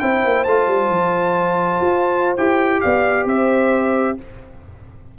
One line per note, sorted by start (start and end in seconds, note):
0.00 0.25 C4
0.00 0.47 E4
0.00 2.83 C5
0.00 0.45 G5
0.25 0.47 A#3
0.45 0.68 A3
0.45 2.38 F4
0.45 2.36 A5
0.68 0.90 G3
0.90 1.80 F3
1.81 2.38 F4
2.37 2.83 E4
2.37 4.19 G4
2.37 2.81 G5
2.81 3.25 B3
2.81 3.28 D5
2.81 3.26 F5
3.25 4.15 C4
3.25 4.19 C5
3.25 4.19 E5